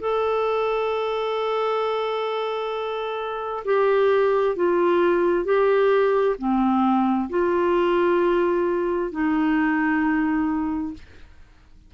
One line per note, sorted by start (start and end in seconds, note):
0.00 3.64 A4
3.65 4.56 G4
4.56 5.45 F4
5.45 6.36 G4
6.38 7.29 C4
7.30 9.12 F4
9.12 10.93 D#4